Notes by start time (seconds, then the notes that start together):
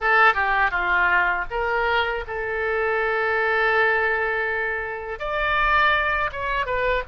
0.00 A4
0.33 G4
0.70 F4
1.50 A#4
2.27 A4
5.19 D5
6.32 C#5
6.65 B4